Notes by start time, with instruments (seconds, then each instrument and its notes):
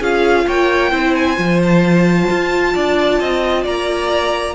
0.00 cello C#4, viola F4, violin G#4 F5
0.47 cello A#3, violin C#5 G5
0.91 cello C4, viola E4, violin C5
1.15 violin G#5
1.37 cello F3, viola F4
1.63 violin A5
2.30 cello F4
2.75 cello D4, violin D5
3.20 cello C4, violin D#5
3.64 cello A#3, violin D5 A#5